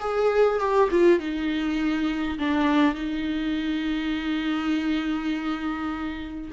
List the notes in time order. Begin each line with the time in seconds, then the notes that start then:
0.00 G#4
0.59 G4
0.91 F4
1.19 D#4
2.39 D4
2.95 D#4